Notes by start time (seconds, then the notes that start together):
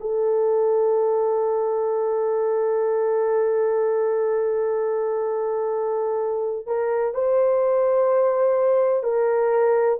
0.00 A4
6.67 A#4
7.14 C5
9.03 A#4